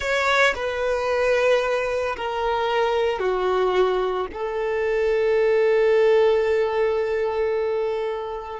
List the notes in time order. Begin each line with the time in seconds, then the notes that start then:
0.00 C#5
0.55 B4
2.16 A#4
3.19 F#4
4.32 A4